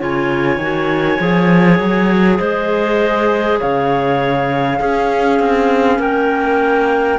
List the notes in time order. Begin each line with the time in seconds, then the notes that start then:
0.00 C#3 F4 C#5 G#5
0.58 D#3 F#4
1.20 F3 G#4
1.79 F#3
2.39 G#3 C5 D#5
3.60 C#3 C#5 F5
4.80 C#4 G#4
5.40 C4
5.99 A#3 A#4 G5